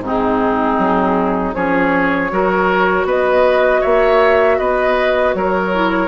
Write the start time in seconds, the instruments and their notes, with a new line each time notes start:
0.00 bassoon G#2, clarinet C4, oboe D#4, flute G#4
0.78 bassoon F#3
1.54 bassoon F3, clarinet C#4, oboe G#4, flute C#5
2.31 bassoon F#3, clarinet F#4, oboe A#4
3.05 bassoon B3, oboe B4, flute D#5
3.81 bassoon A#3, oboe C#5, flute E5
4.59 bassoon B3, oboe B4, flute D#5
5.35 bassoon F#3, oboe A#4, flute C#5
5.74 clarinet E4